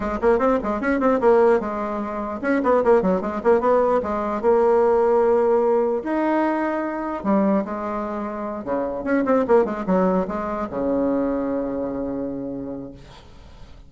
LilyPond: \new Staff \with { instrumentName = "bassoon" } { \time 4/4 \tempo 4 = 149 gis8 ais8 c'8 gis8 cis'8 c'8 ais4 | gis2 cis'8 b8 ais8 fis8 | gis8 ais8 b4 gis4 ais4~ | ais2. dis'4~ |
dis'2 g4 gis4~ | gis4. cis4 cis'8 c'8 ais8 | gis8 fis4 gis4 cis4.~ | cis1 | }